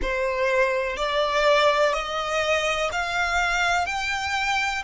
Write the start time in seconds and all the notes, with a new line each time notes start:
0.02 C5
0.96 D5
1.93 D#5
2.92 F5
3.86 G5